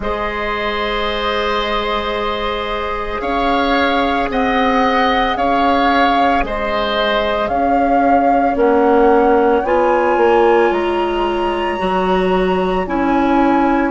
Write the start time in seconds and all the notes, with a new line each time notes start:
0.00 G#3 G#4 C5 D#5
3.20 C#4 C#5 F5
4.29 C4 D#5 F#5
5.36 C#4 C#5 F5
6.42 G#3 C5 D#5
7.48 C#4 C#5 F5
8.55 A#3 C#4 F#5
9.63 B3 F4 G#5
10.17 A#3
10.71 G#3 A#5
11.78 F#3 F#4
12.86 C#4 E4 G#5